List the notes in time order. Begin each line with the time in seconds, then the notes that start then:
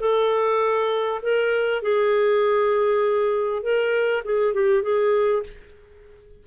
0.00 A4
1.22 A#4
1.82 G#4
3.63 A#4
4.25 G#4
4.54 G4
4.83 G#4